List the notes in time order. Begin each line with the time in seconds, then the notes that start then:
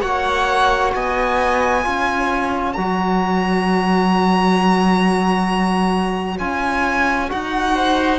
0.00 A#3 F#4 C#5 F#5
0.94 B3 D#5 G#5
1.83 C#4 F4 C#5
2.73 F#3 F#4 A#5
6.39 C#4 F4 G#5
7.29 D#4 F#4 F#5
7.75 C5